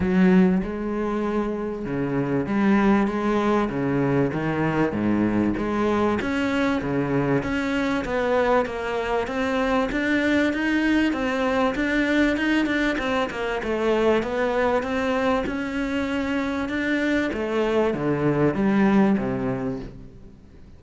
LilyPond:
\new Staff \with { instrumentName = "cello" } { \time 4/4 \tempo 4 = 97 fis4 gis2 cis4 | g4 gis4 cis4 dis4 | gis,4 gis4 cis'4 cis4 | cis'4 b4 ais4 c'4 |
d'4 dis'4 c'4 d'4 | dis'8 d'8 c'8 ais8 a4 b4 | c'4 cis'2 d'4 | a4 d4 g4 c4 | }